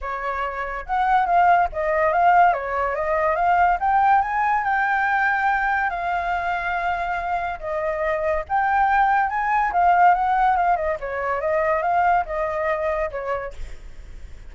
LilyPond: \new Staff \with { instrumentName = "flute" } { \time 4/4 \tempo 4 = 142 cis''2 fis''4 f''4 | dis''4 f''4 cis''4 dis''4 | f''4 g''4 gis''4 g''4~ | g''2 f''2~ |
f''2 dis''2 | g''2 gis''4 f''4 | fis''4 f''8 dis''8 cis''4 dis''4 | f''4 dis''2 cis''4 | }